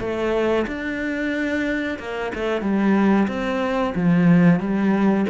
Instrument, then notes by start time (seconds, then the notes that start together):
cello
0.00 A3
0.67 D4
1.99 A#3
2.35 A3
2.62 G3
3.28 C4
3.95 F3
4.60 G3